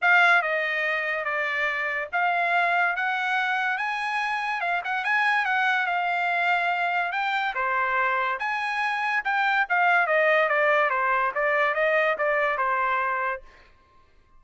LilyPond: \new Staff \with { instrumentName = "trumpet" } { \time 4/4 \tempo 4 = 143 f''4 dis''2 d''4~ | d''4 f''2 fis''4~ | fis''4 gis''2 f''8 fis''8 | gis''4 fis''4 f''2~ |
f''4 g''4 c''2 | gis''2 g''4 f''4 | dis''4 d''4 c''4 d''4 | dis''4 d''4 c''2 | }